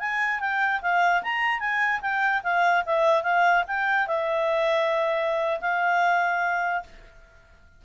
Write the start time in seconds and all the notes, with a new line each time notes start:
0.00 G#5
0.40 G5
0.82 F5
1.23 A#5
1.60 G#5
2.01 G5
2.43 F5
2.86 E5
3.23 F5
3.68 G5
4.08 E5
5.61 F5